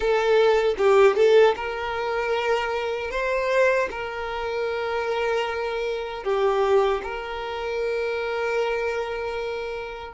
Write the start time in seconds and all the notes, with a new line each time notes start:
0.00 A4
0.77 G4
1.15 A4
1.55 A#4
3.11 C5
3.91 A#4
6.23 G4
7.03 A#4